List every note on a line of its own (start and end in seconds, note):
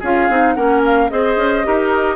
0.00 0.30 C#4
0.00 0.30 F4
0.00 0.55 G#4
0.00 0.54 F5
0.30 0.57 C4
0.30 0.56 D#4
0.54 1.11 A#3
0.54 1.10 C#4
0.54 1.11 A#4
0.54 0.81 F#5
0.86 1.10 F5
1.10 1.37 C4
1.10 1.64 G#4
1.10 1.67 C5
1.10 2.16 D#5
1.37 1.64 C#4
1.64 2.16 D#4
1.64 2.16 G4
1.64 2.16 A#4